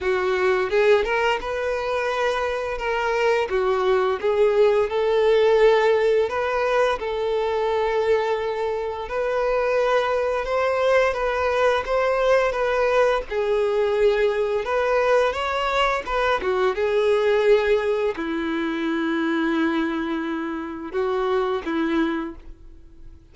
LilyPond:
\new Staff \with { instrumentName = "violin" } { \time 4/4 \tempo 4 = 86 fis'4 gis'8 ais'8 b'2 | ais'4 fis'4 gis'4 a'4~ | a'4 b'4 a'2~ | a'4 b'2 c''4 |
b'4 c''4 b'4 gis'4~ | gis'4 b'4 cis''4 b'8 fis'8 | gis'2 e'2~ | e'2 fis'4 e'4 | }